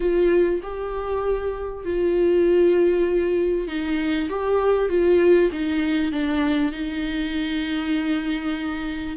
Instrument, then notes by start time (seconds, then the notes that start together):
viola
0.00 F4
0.63 G4
1.85 F4
3.67 D#4
4.29 G4
4.89 F4
5.51 D#4
6.12 D4
6.72 D#4